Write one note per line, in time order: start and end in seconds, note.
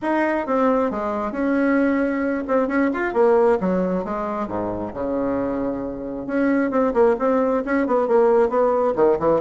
0.02 0.46 D#4
0.46 0.90 C4
0.90 1.31 G#3
1.31 2.43 C#4
2.47 2.68 C4
2.68 2.90 C#4
2.93 3.13 F4
3.13 3.58 A#3
3.60 4.04 F#3
4.04 4.47 G#3
4.47 4.92 G#2
4.93 6.26 C#3
6.26 6.70 C#4
6.70 6.93 C4
6.93 7.16 A#3
7.18 7.63 C4
7.65 7.86 C#4
7.86 8.07 B3
8.07 8.49 A#3
8.49 8.94 B3
8.95 9.18 D#3
9.19 9.41 E3